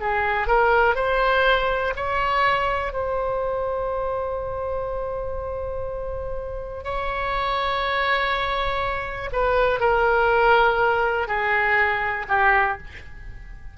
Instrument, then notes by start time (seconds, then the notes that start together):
oboe
0.00 G#4
0.47 A#4
0.95 C5
1.96 C#5
2.93 C5
6.84 C#5
9.33 B4
9.80 A#4
11.28 G#4
12.29 G4